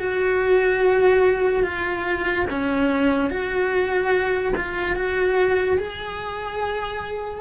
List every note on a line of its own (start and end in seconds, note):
0.00 1.64 F#4
1.64 2.46 F4
2.50 3.30 C#4
3.30 4.54 F#4
4.56 4.96 F4
4.96 5.78 F#4
5.78 7.41 G#4